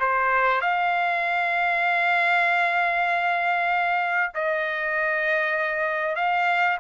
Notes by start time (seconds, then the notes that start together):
0.00 C5
0.61 F5
4.35 D#5
6.16 F5